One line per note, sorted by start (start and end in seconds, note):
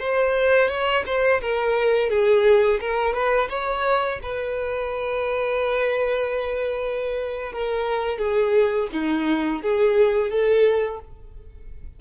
0.00 0.69 C5
0.69 1.04 C#5
1.07 1.41 C5
1.42 2.11 A#4
2.11 2.80 G#4
2.81 3.14 A#4
3.14 3.49 B4
3.50 4.20 C#5
4.23 7.53 B4
7.53 8.19 A#4
8.19 8.89 G#4
8.93 9.62 D#4
9.62 10.31 G#4
10.31 11.00 A4